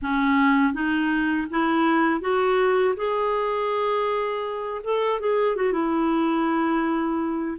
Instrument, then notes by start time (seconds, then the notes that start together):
clarinet
0.02 C#4
0.73 D#4
1.50 E4
2.20 F#4
2.96 G#4
4.84 A4
5.20 G#4
5.56 F#4
5.72 E4